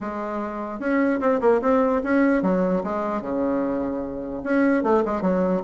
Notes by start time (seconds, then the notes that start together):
0.01 G#3
0.79 C#4
1.20 C4
1.40 A#3
1.61 C4
2.03 C#4
2.42 F#3
2.83 G#3
3.21 C#3
4.43 C#4
4.83 A3
5.05 G#3
5.21 F#3